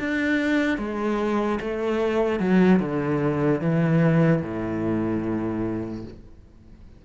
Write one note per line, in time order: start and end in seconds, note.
0.00 0.78 D4
0.78 1.59 G#3
1.61 2.40 A3
2.40 2.80 F#3
2.80 3.61 D3
3.61 4.42 E3
4.42 6.04 A2